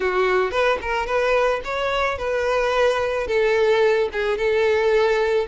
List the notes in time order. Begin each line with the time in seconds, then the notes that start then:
0.00 F#4
0.51 B4
0.81 A#4
1.06 B4
1.64 C#5
2.18 B4
3.27 A4
4.12 G#4
4.37 A4